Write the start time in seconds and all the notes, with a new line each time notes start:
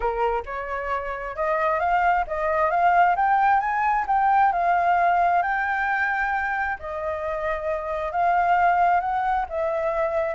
0.00 A#4
0.45 C#5
1.36 D#5
1.79 F5
2.27 D#5
2.70 F5
3.16 G5
3.59 G#5
4.07 G5
4.52 F5
5.42 G5
6.79 D#5
8.12 F5
9.00 F#5
9.49 E5